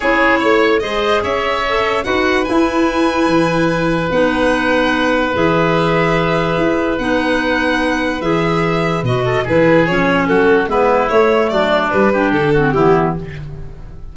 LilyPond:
<<
  \new Staff \with { instrumentName = "violin" } { \time 4/4 \tempo 4 = 146 cis''2 dis''4 e''4~ | e''4 fis''4 gis''2~ | gis''2 fis''2~ | fis''4 e''2.~ |
e''4 fis''2. | e''2 dis''4 b'4 | cis''4 a'4 b'4 cis''4 | d''4 b'4 a'4 g'4 | }
  \new Staff \with { instrumentName = "oboe" } { \time 4/4 gis'4 cis''4 c''4 cis''4~ | cis''4 b'2.~ | b'1~ | b'1~ |
b'1~ | b'2~ b'8 a'8 gis'4~ | gis'4 fis'4 e'2 | d'4. g'4 fis'8 e'4 | }
  \new Staff \with { instrumentName = "clarinet" } { \time 4/4 e'2 gis'2 | a'4 fis'4 e'2~ | e'2 dis'2~ | dis'4 gis'2.~ |
gis'4 dis'2. | gis'2 fis'4 e'4 | cis'2 b4 a4~ | a4 g8 d'4 c'8 b4 | }
  \new Staff \with { instrumentName = "tuba" } { \time 4/4 cis'4 a4 gis4 cis'4~ | cis'4 dis'4 e'2 | e2 b2~ | b4 e2. |
e'4 b2. | e2 b,4 e4 | f4 fis4 gis4 a4 | fis4 g4 d4 e4 | }
>>